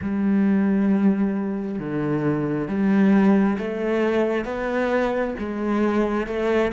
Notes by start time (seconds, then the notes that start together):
0.01 G3
1.78 D3
2.67 G3
3.58 A3
4.45 B3
5.39 G#3
6.26 A3